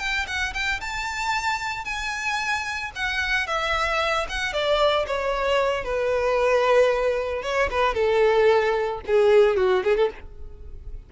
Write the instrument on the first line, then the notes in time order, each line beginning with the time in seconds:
violin
0.00 G5
0.28 F#5
0.54 G5
0.81 A5
1.85 G#5
2.96 F#5
3.47 E5
4.30 F#5
4.53 D5
5.07 C#5
5.85 B4
7.43 C#5
7.71 B4
7.95 A4
9.07 G#4
9.57 F#4
9.84 G#4
9.97 A4